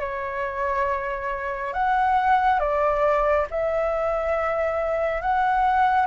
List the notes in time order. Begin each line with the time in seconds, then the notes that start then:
0.00 C#5
1.73 F#5
2.59 D5
3.50 E5
5.22 F#5